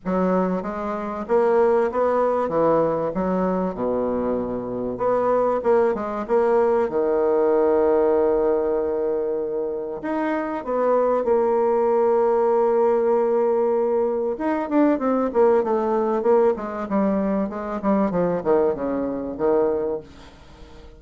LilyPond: \new Staff \with { instrumentName = "bassoon" } { \time 4/4 \tempo 4 = 96 fis4 gis4 ais4 b4 | e4 fis4 b,2 | b4 ais8 gis8 ais4 dis4~ | dis1 |
dis'4 b4 ais2~ | ais2. dis'8 d'8 | c'8 ais8 a4 ais8 gis8 g4 | gis8 g8 f8 dis8 cis4 dis4 | }